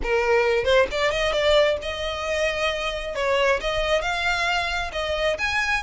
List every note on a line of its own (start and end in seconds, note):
0.02 0.64 A#4
0.64 0.86 C5
0.91 1.11 D5
1.11 1.32 D#5
1.32 1.77 D5
1.82 3.15 D#5
3.15 3.60 C#5
3.60 4.01 D#5
4.01 4.91 F5
4.92 5.37 D#5
5.38 5.83 G#5